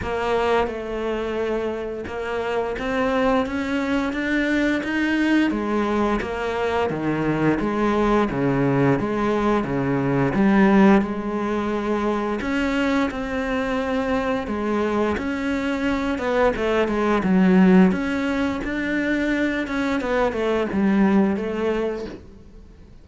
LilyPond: \new Staff \with { instrumentName = "cello" } { \time 4/4 \tempo 4 = 87 ais4 a2 ais4 | c'4 cis'4 d'4 dis'4 | gis4 ais4 dis4 gis4 | cis4 gis4 cis4 g4 |
gis2 cis'4 c'4~ | c'4 gis4 cis'4. b8 | a8 gis8 fis4 cis'4 d'4~ | d'8 cis'8 b8 a8 g4 a4 | }